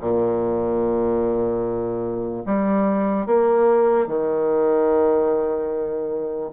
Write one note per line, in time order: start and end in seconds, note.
0.00 2.43 A#2
2.45 3.26 G3
3.26 4.07 A#3
4.07 6.50 D#3